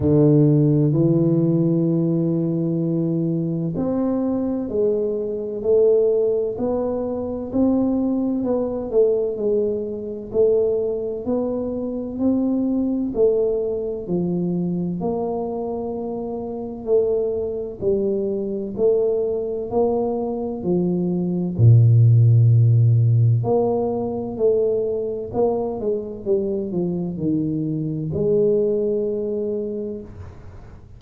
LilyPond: \new Staff \with { instrumentName = "tuba" } { \time 4/4 \tempo 4 = 64 d4 e2. | c'4 gis4 a4 b4 | c'4 b8 a8 gis4 a4 | b4 c'4 a4 f4 |
ais2 a4 g4 | a4 ais4 f4 ais,4~ | ais,4 ais4 a4 ais8 gis8 | g8 f8 dis4 gis2 | }